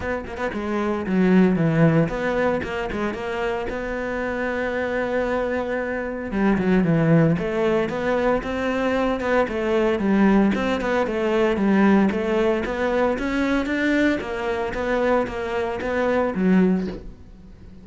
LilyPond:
\new Staff \with { instrumentName = "cello" } { \time 4/4 \tempo 4 = 114 b8 ais16 b16 gis4 fis4 e4 | b4 ais8 gis8 ais4 b4~ | b1 | g8 fis8 e4 a4 b4 |
c'4. b8 a4 g4 | c'8 b8 a4 g4 a4 | b4 cis'4 d'4 ais4 | b4 ais4 b4 fis4 | }